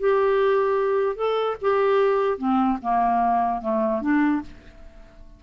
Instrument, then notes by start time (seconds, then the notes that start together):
clarinet
0.00 G4
1.16 A4
1.62 G4
2.38 C4
2.82 A#3
3.62 A3
4.02 D4